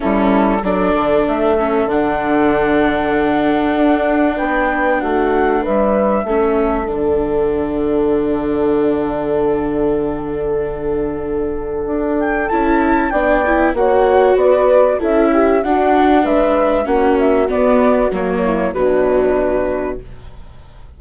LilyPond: <<
  \new Staff \with { instrumentName = "flute" } { \time 4/4 \tempo 4 = 96 a'4 d''4 e''4 fis''4~ | fis''2. g''4 | fis''4 e''2 fis''4~ | fis''1~ |
fis''2.~ fis''8 g''8 | a''4 g''4 fis''4 d''4 | e''4 fis''4 e''4 fis''8 e''8 | d''4 cis''4 b'2 | }
  \new Staff \with { instrumentName = "horn" } { \time 4/4 e'4 a'2.~ | a'2. b'4 | fis'4 b'4 a'2~ | a'1~ |
a'1~ | a'4 d''4 cis''4 b'4 | a'8 g'8 fis'4 b'4 fis'4~ | fis'4. e'8 d'2 | }
  \new Staff \with { instrumentName = "viola" } { \time 4/4 cis'4 d'4. cis'8 d'4~ | d'1~ | d'2 cis'4 d'4~ | d'1~ |
d'1 | e'4 d'8 e'8 fis'2 | e'4 d'2 cis'4 | b4 ais4 fis2 | }
  \new Staff \with { instrumentName = "bassoon" } { \time 4/4 g4 fis8 d8 a4 d4~ | d2 d'4 b4 | a4 g4 a4 d4~ | d1~ |
d2. d'4 | cis'4 b4 ais4 b4 | cis'4 d'4 gis4 ais4 | b4 fis4 b,2 | }
>>